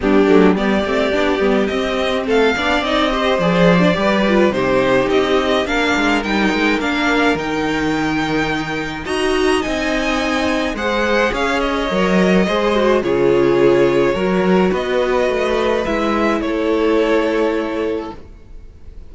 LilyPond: <<
  \new Staff \with { instrumentName = "violin" } { \time 4/4 \tempo 4 = 106 g'4 d''2 dis''4 | f''4 dis''4 d''2 | c''4 dis''4 f''4 g''4 | f''4 g''2. |
ais''4 gis''2 fis''4 | f''8 dis''2~ dis''8 cis''4~ | cis''2 dis''2 | e''4 cis''2. | }
  \new Staff \with { instrumentName = "violin" } { \time 4/4 d'4 g'2. | a'8 d''4 c''4. b'4 | g'2 ais'2~ | ais'1 |
dis''2. c''4 | cis''2 c''4 gis'4~ | gis'4 ais'4 b'2~ | b'4 a'2. | }
  \new Staff \with { instrumentName = "viola" } { \time 4/4 b8 a8 b8 c'8 d'8 b8 c'4~ | c'8 d'8 dis'8 g'8 gis'8. d'16 g'8 f'8 | dis'2 d'4 dis'4 | d'4 dis'2. |
fis'4 dis'2 gis'4~ | gis'4 ais'4 gis'8 fis'8 f'4~ | f'4 fis'2. | e'1 | }
  \new Staff \with { instrumentName = "cello" } { \time 4/4 g8 fis8 g8 a8 b8 g8 c'4 | a8 b8 c'4 f4 g4 | c4 c'4 ais8 gis8 g8 gis8 | ais4 dis2. |
dis'4 c'2 gis4 | cis'4 fis4 gis4 cis4~ | cis4 fis4 b4 a4 | gis4 a2. | }
>>